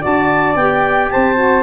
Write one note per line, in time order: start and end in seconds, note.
0.00 0.56 D4
0.00 0.55 F#4
0.00 1.10 D5
0.00 0.56 A5
0.56 1.10 B3
0.56 1.36 G4
0.56 1.10 G5
1.10 1.63 C4
1.10 1.63 C5
1.10 1.63 A5
1.36 1.63 F#4